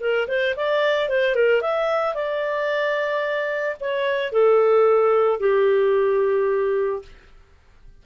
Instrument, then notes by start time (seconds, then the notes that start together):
clarinet
0.00 A#4
0.28 C5
0.56 D5
1.08 C5
1.34 A#4
1.61 E5
2.14 D5
3.80 C#5
4.32 A4
5.40 G4